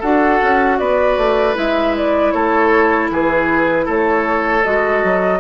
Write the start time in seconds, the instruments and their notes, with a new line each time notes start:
0.00 bassoon D4, clarinet F#4, oboe A4, flute F#5
0.43 bassoon C#4
0.79 bassoon B3, oboe B4, flute D5
1.18 bassoon A3
1.55 bassoon G#3, clarinet E4, flute E5
1.97 flute D5
2.32 bassoon A3, oboe A4, flute C#5
3.10 bassoon E3, oboe G#4, flute B4
3.86 bassoon A3, oboe A4, flute C#5
4.64 bassoon G#3, clarinet F#4, flute D#5
5.04 bassoon F#3